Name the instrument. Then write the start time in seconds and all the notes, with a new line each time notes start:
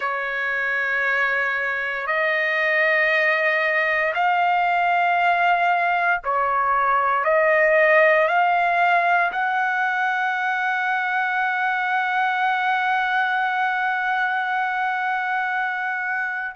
trumpet
0.00 C#5
2.06 D#5
4.14 F5
6.24 C#5
7.24 D#5
8.28 F5
9.32 F#5